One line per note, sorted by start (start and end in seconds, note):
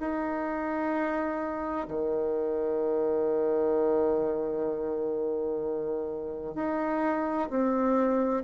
0.00 1.87 D#4
1.88 6.55 D#3
6.55 7.49 D#4
7.50 8.44 C4